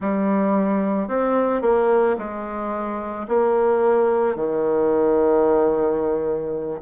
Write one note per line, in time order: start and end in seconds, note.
0.00 1.08 G3
1.08 1.61 C4
1.61 2.16 A#3
2.18 3.27 G#3
3.28 4.35 A#3
4.35 6.81 D#3